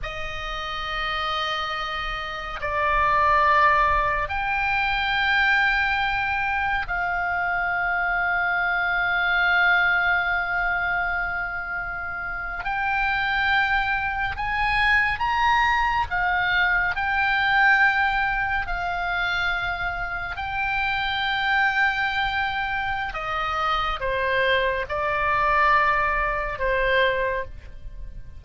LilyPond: \new Staff \with { instrumentName = "oboe" } { \time 4/4 \tempo 4 = 70 dis''2. d''4~ | d''4 g''2. | f''1~ | f''2~ f''8. g''4~ g''16~ |
g''8. gis''4 ais''4 f''4 g''16~ | g''4.~ g''16 f''2 g''16~ | g''2. dis''4 | c''4 d''2 c''4 | }